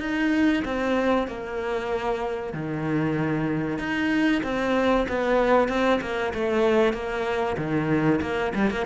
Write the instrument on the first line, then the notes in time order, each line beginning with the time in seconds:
cello
0.00 D#4
0.65 C4
1.27 A#3
2.53 D#3
3.78 D#4
4.43 C4
5.08 B3
5.69 C4
6.01 A#3
6.34 A3
6.93 A#3
7.57 D#3
8.21 A#3
8.55 G3
8.70 A#3